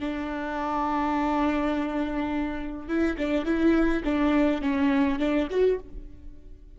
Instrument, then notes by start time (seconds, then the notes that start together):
viola
0.00 D4
2.88 E4
3.18 D4
3.45 E4
4.04 D4
4.62 C#4
5.19 D4
5.50 F#4